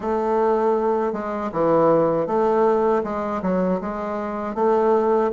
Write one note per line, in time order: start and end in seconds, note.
0.00 1.13 A3
1.13 1.51 G#3
1.52 2.26 E3
2.26 3.02 A3
3.03 3.41 G#3
3.42 3.80 F#3
3.80 4.55 G#3
4.55 5.31 A3